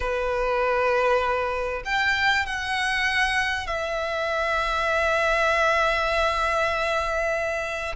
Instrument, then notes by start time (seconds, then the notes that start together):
violin
0.00 B4
1.85 G5
2.45 F#5
3.67 E5